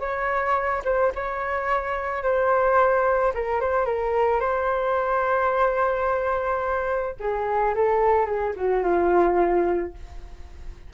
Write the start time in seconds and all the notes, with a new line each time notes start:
0.00 C#5
0.85 C5
1.15 C#5
2.23 C5
3.35 A#4
3.61 C5
3.86 A#4
4.40 C5
7.20 G#4
7.75 A4
8.26 G#4
8.56 F#4
8.84 F4